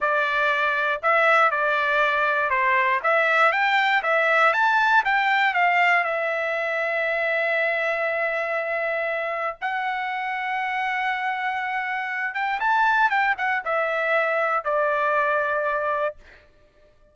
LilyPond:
\new Staff \with { instrumentName = "trumpet" } { \time 4/4 \tempo 4 = 119 d''2 e''4 d''4~ | d''4 c''4 e''4 g''4 | e''4 a''4 g''4 f''4 | e''1~ |
e''2. fis''4~ | fis''1~ | fis''8 g''8 a''4 g''8 fis''8 e''4~ | e''4 d''2. | }